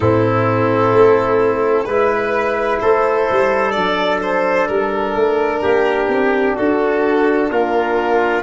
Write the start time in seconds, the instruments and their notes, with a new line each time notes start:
0.00 tuba A2, trombone C4, trumpet E4, violin A4
0.92 tuba A3
1.84 tuba G#3, trombone E4, violin B4, trumpet B4
2.80 tuba A3, trumpet A4, violin C5
3.30 tuba G3
3.71 tuba F#3, trombone D4, violin D5
4.22 violin C5
4.67 tuba G3, violin A#4
5.15 tuba A3
5.62 tuba A#3, trumpet G4
6.08 tuba C4
6.55 tuba D4, trumpet F#4, violin A4
7.50 tuba A#3, trumpet F4, violin A#4